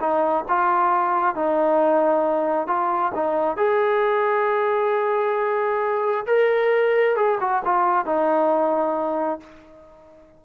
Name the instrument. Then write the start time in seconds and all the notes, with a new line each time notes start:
trombone
0.00 D#4
0.48 F4
1.35 D#4
2.67 F4
3.14 D#4
3.57 G#4
6.26 A#4
7.16 G#4
7.40 F#4
7.65 F4
8.06 D#4